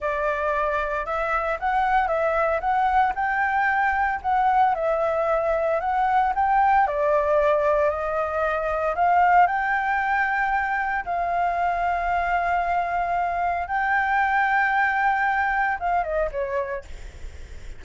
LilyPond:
\new Staff \with { instrumentName = "flute" } { \time 4/4 \tempo 4 = 114 d''2 e''4 fis''4 | e''4 fis''4 g''2 | fis''4 e''2 fis''4 | g''4 d''2 dis''4~ |
dis''4 f''4 g''2~ | g''4 f''2.~ | f''2 g''2~ | g''2 f''8 dis''8 cis''4 | }